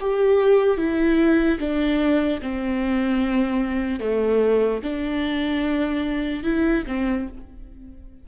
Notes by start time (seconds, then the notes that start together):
0.00 G4
0.77 E4
1.59 D4
2.41 C4
4.00 A3
4.83 D4
6.43 E4
6.87 C4